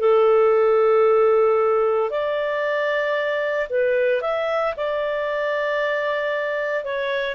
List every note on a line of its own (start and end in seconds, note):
0.00 2.11 A4
2.11 3.68 D5
3.70 4.22 B4
4.22 4.75 E5
4.77 6.85 D5
6.85 7.35 C#5